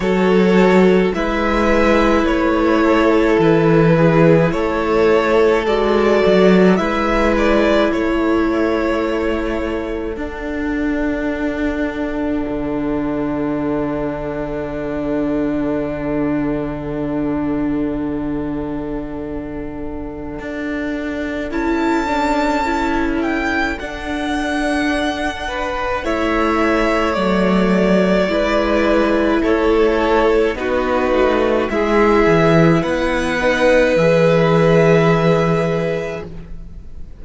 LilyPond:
<<
  \new Staff \with { instrumentName = "violin" } { \time 4/4 \tempo 4 = 53 cis''4 e''4 cis''4 b'4 | cis''4 d''4 e''8 d''8 cis''4~ | cis''4 fis''2.~ | fis''1~ |
fis''2. a''4~ | a''8 g''8 fis''2 e''4 | d''2 cis''4 b'4 | e''4 fis''4 e''2 | }
  \new Staff \with { instrumentName = "violin" } { \time 4/4 a'4 b'4. a'4 gis'8 | a'2 b'4 a'4~ | a'1~ | a'1~ |
a'1~ | a'2~ a'8 b'8 cis''4~ | cis''4 b'4 a'4 fis'4 | gis'4 b'2. | }
  \new Staff \with { instrumentName = "viola" } { \time 4/4 fis'4 e'2.~ | e'4 fis'4 e'2~ | e'4 d'2.~ | d'1~ |
d'2. e'8 d'8 | e'4 d'2 e'4 | a4 e'2 dis'4 | e'4. dis'8 gis'2 | }
  \new Staff \with { instrumentName = "cello" } { \time 4/4 fis4 gis4 a4 e4 | a4 gis8 fis8 gis4 a4~ | a4 d'2 d4~ | d1~ |
d2 d'4 cis'4~ | cis'4 d'2 a4 | fis4 gis4 a4 b8 a8 | gis8 e8 b4 e2 | }
>>